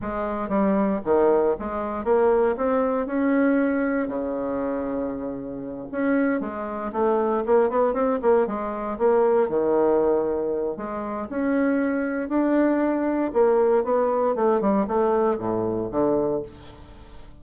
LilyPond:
\new Staff \with { instrumentName = "bassoon" } { \time 4/4 \tempo 4 = 117 gis4 g4 dis4 gis4 | ais4 c'4 cis'2 | cis2.~ cis8 cis'8~ | cis'8 gis4 a4 ais8 b8 c'8 |
ais8 gis4 ais4 dis4.~ | dis4 gis4 cis'2 | d'2 ais4 b4 | a8 g8 a4 a,4 d4 | }